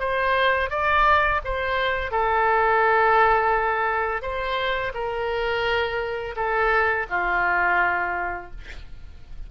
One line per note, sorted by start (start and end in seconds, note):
0.00 0.71 C5
0.71 1.41 D5
1.45 2.12 C5
2.12 4.22 A4
4.22 4.93 C5
4.95 6.36 A#4
6.36 7.07 A4
7.10 8.51 F4